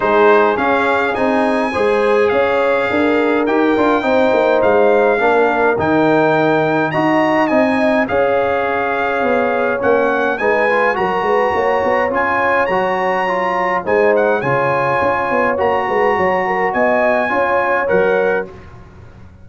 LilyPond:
<<
  \new Staff \with { instrumentName = "trumpet" } { \time 4/4 \tempo 4 = 104 c''4 f''4 gis''2 | f''2 g''2 | f''2 g''2 | ais''4 gis''4 f''2~ |
f''4 fis''4 gis''4 ais''4~ | ais''4 gis''4 ais''2 | gis''8 fis''8 gis''2 ais''4~ | ais''4 gis''2 fis''4 | }
  \new Staff \with { instrumentName = "horn" } { \time 4/4 gis'2. c''4 | cis''4 ais'2 c''4~ | c''4 ais'2. | dis''2 cis''2~ |
cis''2 b'4 ais'8 b'8 | cis''1 | c''4 cis''2~ cis''8 b'8 | cis''8 ais'8 dis''4 cis''2 | }
  \new Staff \with { instrumentName = "trombone" } { \time 4/4 dis'4 cis'4 dis'4 gis'4~ | gis'2 g'8 f'8 dis'4~ | dis'4 d'4 dis'2 | fis'4 dis'4 gis'2~ |
gis'4 cis'4 dis'8 f'8 fis'4~ | fis'4 f'4 fis'4 f'4 | dis'4 f'2 fis'4~ | fis'2 f'4 ais'4 | }
  \new Staff \with { instrumentName = "tuba" } { \time 4/4 gis4 cis'4 c'4 gis4 | cis'4 d'4 dis'8 d'8 c'8 ais8 | gis4 ais4 dis2 | dis'4 c'4 cis'2 |
b4 ais4 gis4 fis8 gis8 | ais8 b8 cis'4 fis2 | gis4 cis4 cis'8 b8 ais8 gis8 | fis4 b4 cis'4 fis4 | }
>>